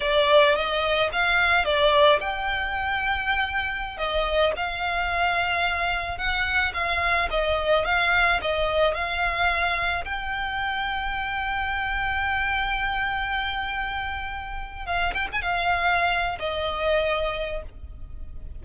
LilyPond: \new Staff \with { instrumentName = "violin" } { \time 4/4 \tempo 4 = 109 d''4 dis''4 f''4 d''4 | g''2.~ g''16 dis''8.~ | dis''16 f''2. fis''8.~ | fis''16 f''4 dis''4 f''4 dis''8.~ |
dis''16 f''2 g''4.~ g''16~ | g''1~ | g''2. f''8 g''16 gis''16 | f''4.~ f''16 dis''2~ dis''16 | }